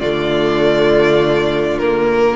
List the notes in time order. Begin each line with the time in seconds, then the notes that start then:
0.00 D3 A3 F4 D5
1.78 A#3 A#4